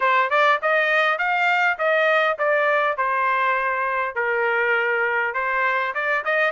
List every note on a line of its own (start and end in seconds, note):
0.00 0.30 C5
0.30 0.59 D5
0.62 1.18 D#5
1.18 1.78 F5
1.78 2.38 D#5
2.38 2.97 D5
2.97 4.15 C5
4.15 5.34 A#4
5.34 5.93 C5
5.94 6.23 D5
6.25 6.51 D#5